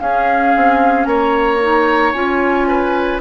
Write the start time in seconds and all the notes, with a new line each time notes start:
0.00 C#4 G#4 F5
0.56 C4
1.05 A#3 C#5 A#5
1.61 D#4
2.13 C#4 F4 G#5
2.68 B4